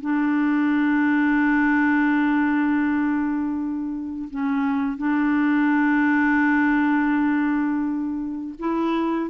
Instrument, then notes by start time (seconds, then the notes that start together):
clarinet
0.00 D4
4.30 C#4
4.97 D4
8.59 E4